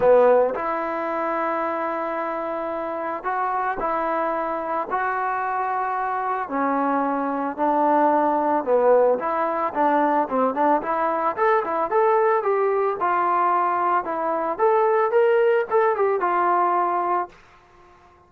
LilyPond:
\new Staff \with { instrumentName = "trombone" } { \time 4/4 \tempo 4 = 111 b4 e'2.~ | e'2 fis'4 e'4~ | e'4 fis'2. | cis'2 d'2 |
b4 e'4 d'4 c'8 d'8 | e'4 a'8 e'8 a'4 g'4 | f'2 e'4 a'4 | ais'4 a'8 g'8 f'2 | }